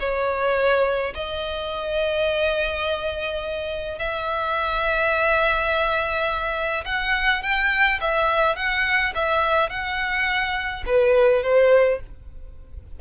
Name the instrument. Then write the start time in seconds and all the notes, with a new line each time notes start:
violin
0.00 C#5
1.15 D#5
3.99 E5
6.86 F#5
7.43 G5
8.01 E5
8.57 F#5
9.15 E5
9.70 F#5
10.86 B4
11.43 C5